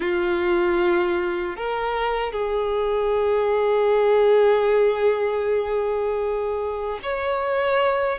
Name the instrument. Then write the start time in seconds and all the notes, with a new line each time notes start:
violin
0.00 F4
1.56 A#4
2.32 G#4
7.02 C#5